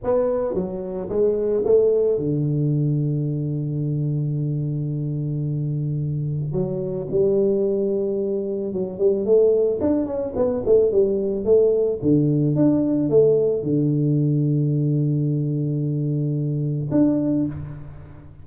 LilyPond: \new Staff \with { instrumentName = "tuba" } { \time 4/4 \tempo 4 = 110 b4 fis4 gis4 a4 | d1~ | d1 | fis4 g2. |
fis8 g8 a4 d'8 cis'8 b8 a8 | g4 a4 d4 d'4 | a4 d2.~ | d2. d'4 | }